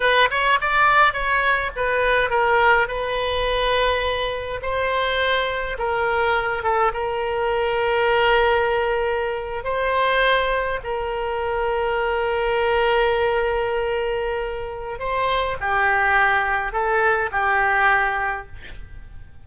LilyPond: \new Staff \with { instrumentName = "oboe" } { \time 4/4 \tempo 4 = 104 b'8 cis''8 d''4 cis''4 b'4 | ais'4 b'2. | c''2 ais'4. a'8 | ais'1~ |
ais'8. c''2 ais'4~ ais'16~ | ais'1~ | ais'2 c''4 g'4~ | g'4 a'4 g'2 | }